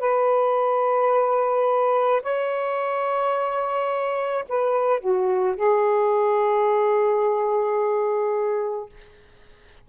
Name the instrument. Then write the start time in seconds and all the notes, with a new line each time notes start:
saxophone
0.00 B4
2.23 C#5
4.49 B4
5.01 F#4
5.57 G#4